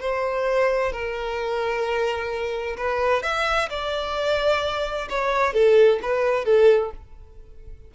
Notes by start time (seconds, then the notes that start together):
0.00 C5
0.92 A#4
2.77 B4
3.22 E5
3.69 D5
5.09 C#5
5.53 A4
6.02 B4
6.44 A4